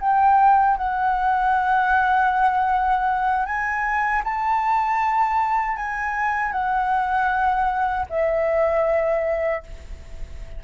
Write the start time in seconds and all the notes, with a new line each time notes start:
0.00 G5
0.77 F#5
3.45 G#5
4.23 A5
5.76 G#5
6.52 F#5
8.09 E5